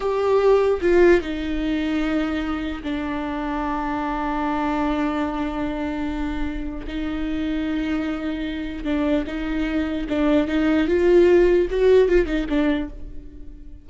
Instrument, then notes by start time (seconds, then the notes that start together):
viola
0.00 G4
0.81 F4
1.21 D#4
2.83 D4
6.87 D#4
8.84 D4
9.26 D#4
10.09 D4
10.47 D#4
10.87 F4
11.70 F#4
12.08 F4
12.26 D#4
12.49 D4